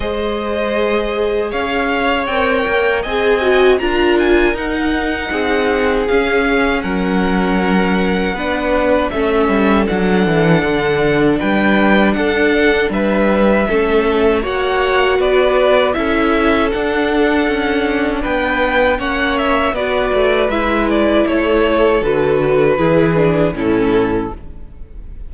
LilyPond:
<<
  \new Staff \with { instrumentName = "violin" } { \time 4/4 \tempo 4 = 79 dis''2 f''4 g''4 | gis''4 ais''8 gis''8 fis''2 | f''4 fis''2. | e''4 fis''2 g''4 |
fis''4 e''2 fis''4 | d''4 e''4 fis''2 | g''4 fis''8 e''8 d''4 e''8 d''8 | cis''4 b'2 a'4 | }
  \new Staff \with { instrumentName = "violin" } { \time 4/4 c''2 cis''2 | dis''4 ais'2 gis'4~ | gis'4 ais'2 b'4 | a'2. b'4 |
a'4 b'4 a'4 cis''4 | b'4 a'2. | b'4 cis''4 b'2 | a'2 gis'4 e'4 | }
  \new Staff \with { instrumentName = "viola" } { \time 4/4 gis'2. ais'4 | gis'8 fis'8 f'4 dis'2 | cis'2. d'4 | cis'4 d'2.~ |
d'2 cis'4 fis'4~ | fis'4 e'4 d'2~ | d'4 cis'4 fis'4 e'4~ | e'4 fis'4 e'8 d'8 cis'4 | }
  \new Staff \with { instrumentName = "cello" } { \time 4/4 gis2 cis'4 c'8 ais8 | c'4 d'4 dis'4 c'4 | cis'4 fis2 b4 | a8 g8 fis8 e8 d4 g4 |
d'4 g4 a4 ais4 | b4 cis'4 d'4 cis'4 | b4 ais4 b8 a8 gis4 | a4 d4 e4 a,4 | }
>>